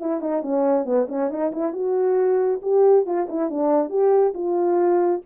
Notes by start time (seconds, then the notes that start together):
0.00 E4
0.21 D#4
0.42 C#4
0.85 B3
1.08 C#4
1.30 D#4
1.52 E4
1.73 F#4
2.62 G4
3.06 F4
3.29 E4
3.50 D4
3.89 G4
4.34 F4